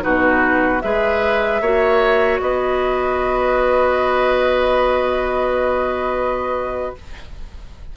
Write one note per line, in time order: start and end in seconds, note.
0.00 0.83 B2
0.00 0.79 D#4
0.00 0.82 F#4
0.00 0.81 B4
0.81 1.61 G#3
0.81 1.62 G#4
0.81 1.61 B4
0.81 2.39 E5
1.61 2.40 A#3
1.61 6.96 F#4
1.61 2.40 C#5
2.40 6.94 B3
2.40 6.96 B4
2.40 6.94 D#5